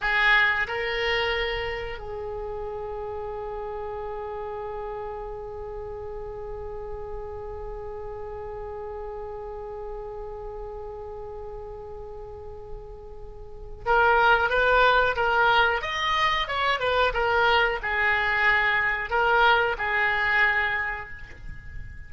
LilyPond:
\new Staff \with { instrumentName = "oboe" } { \time 4/4 \tempo 4 = 91 gis'4 ais'2 gis'4~ | gis'1~ | gis'1~ | gis'1~ |
gis'1~ | gis'4 ais'4 b'4 ais'4 | dis''4 cis''8 b'8 ais'4 gis'4~ | gis'4 ais'4 gis'2 | }